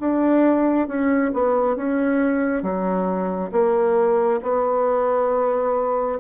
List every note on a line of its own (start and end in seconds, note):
0.00 0.88 D4
0.88 1.32 C#4
1.34 1.76 B3
1.76 2.63 C#4
2.63 3.51 F#3
3.52 4.40 A#3
4.43 6.19 B3